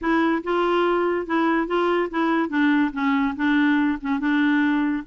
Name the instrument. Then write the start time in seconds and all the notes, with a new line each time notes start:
clarinet
0.01 E4
0.43 F4
1.26 E4
1.67 F4
2.10 E4
2.49 D4
2.93 C#4
3.35 D4
4.01 C#4
4.19 D4